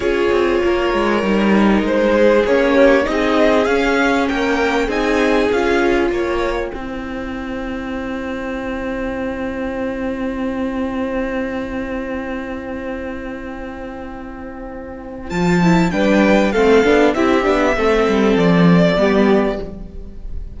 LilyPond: <<
  \new Staff \with { instrumentName = "violin" } { \time 4/4 \tempo 4 = 98 cis''2. c''4 | cis''4 dis''4 f''4 g''4 | gis''4 f''4 g''2~ | g''1~ |
g''1~ | g''1~ | g''4 a''4 g''4 f''4 | e''2 d''2 | }
  \new Staff \with { instrumentName = "violin" } { \time 4/4 gis'4 ais'2~ ais'8 gis'8~ | gis'8 g'8 gis'2 ais'4 | gis'2 cis''4 c''4~ | c''1~ |
c''1~ | c''1~ | c''2 b'4 a'4 | g'4 a'2 g'4 | }
  \new Staff \with { instrumentName = "viola" } { \time 4/4 f'2 dis'2 | cis'4 dis'4 cis'2 | dis'4 f'2 e'4~ | e'1~ |
e'1~ | e'1~ | e'4 f'8 e'8 d'4 c'8 d'8 | e'8 d'8 c'2 b4 | }
  \new Staff \with { instrumentName = "cello" } { \time 4/4 cis'8 c'8 ais8 gis8 g4 gis4 | ais4 c'4 cis'4 ais4 | c'4 cis'4 ais4 c'4~ | c'1~ |
c'1~ | c'1~ | c'4 f4 g4 a8 b8 | c'8 b8 a8 g8 f4 g4 | }
>>